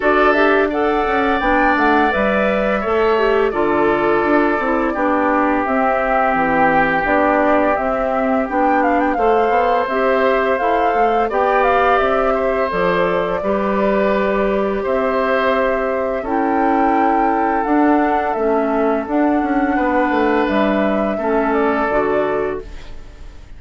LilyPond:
<<
  \new Staff \with { instrumentName = "flute" } { \time 4/4 \tempo 4 = 85 d''8 e''8 fis''4 g''8 fis''8 e''4~ | e''4 d''2. | e''4 g''4 d''4 e''4 | g''8 f''16 g''16 f''4 e''4 f''4 |
g''8 f''8 e''4 d''2~ | d''4 e''2 g''4~ | g''4 fis''4 e''4 fis''4~ | fis''4 e''4. d''4. | }
  \new Staff \with { instrumentName = "oboe" } { \time 4/4 a'4 d''2. | cis''4 a'2 g'4~ | g'1~ | g'4 c''2. |
d''4. c''4. b'4~ | b'4 c''2 a'4~ | a'1 | b'2 a'2 | }
  \new Staff \with { instrumentName = "clarinet" } { \time 4/4 fis'8 g'8 a'4 d'4 b'4 | a'8 g'8 f'4. e'8 d'4 | c'2 d'4 c'4 | d'4 a'4 g'4 a'4 |
g'2 a'4 g'4~ | g'2. e'4~ | e'4 d'4 cis'4 d'4~ | d'2 cis'4 fis'4 | }
  \new Staff \with { instrumentName = "bassoon" } { \time 4/4 d'4. cis'8 b8 a8 g4 | a4 d4 d'8 c'8 b4 | c'4 e4 b4 c'4 | b4 a8 b8 c'4 e'8 a8 |
b4 c'4 f4 g4~ | g4 c'2 cis'4~ | cis'4 d'4 a4 d'8 cis'8 | b8 a8 g4 a4 d4 | }
>>